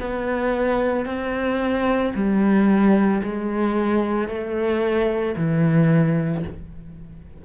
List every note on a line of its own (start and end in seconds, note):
0.00 1.06 B3
1.06 2.13 C4
2.14 3.21 G3
3.22 4.28 G#3
4.28 5.35 A3
5.36 6.43 E3